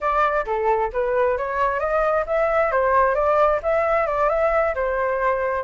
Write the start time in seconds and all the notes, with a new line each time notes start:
0.00 D5
0.46 A4
0.92 B4
1.37 C#5
1.79 D#5
2.26 E5
2.71 C5
3.14 D5
3.63 E5
4.06 D5
4.29 E5
4.74 C5